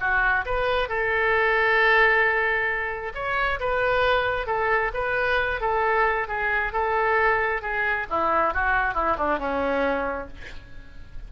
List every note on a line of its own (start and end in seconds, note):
0.00 0.45 F#4
0.45 0.88 B4
0.88 3.12 A4
3.14 3.59 C#5
3.59 4.46 B4
4.46 4.91 A4
4.94 5.60 B4
5.60 6.27 A4
6.28 6.72 G#4
6.72 7.61 A4
7.61 8.06 G#4
8.10 8.54 E4
8.54 8.94 F#4
8.94 9.16 E4
9.17 9.38 D4
9.38 10.28 C#4